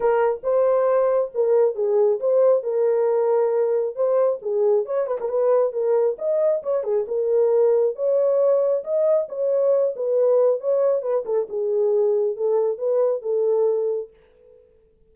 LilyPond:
\new Staff \with { instrumentName = "horn" } { \time 4/4 \tempo 4 = 136 ais'4 c''2 ais'4 | gis'4 c''4 ais'2~ | ais'4 c''4 gis'4 cis''8 b'16 ais'16 | b'4 ais'4 dis''4 cis''8 gis'8 |
ais'2 cis''2 | dis''4 cis''4. b'4. | cis''4 b'8 a'8 gis'2 | a'4 b'4 a'2 | }